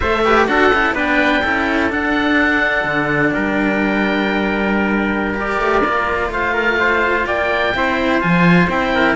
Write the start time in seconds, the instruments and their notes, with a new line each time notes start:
0.00 cello A3 A4, trumpet C5, oboe E5
0.25 cello G4, trumpet B4
0.47 cello D4 F#4, trumpet A4, oboe F#5
0.72 cello C#4 E4
0.92 cello B3 D4, trumpet B4, oboe G5
1.42 cello C#4 E4, trumpet A4
1.89 cello D4, oboe F#5
2.84 cello D3
3.33 cello G3, trumpet A#4, oboe G5
5.34 cello G4, oboe D5
5.58 cello A3
5.84 cello A#3 F4
6.29 cello A3, trumpet C5, oboe F5
6.53 trumpet A#4
6.79 trumpet C5
7.26 cello A#3, trumpet D5, oboe G5
7.74 cello C4 E4, trumpet C5
8.21 cello F3 F4, oboe G#5
8.67 cello C4 E4, oboe G5
8.94 trumpet A#4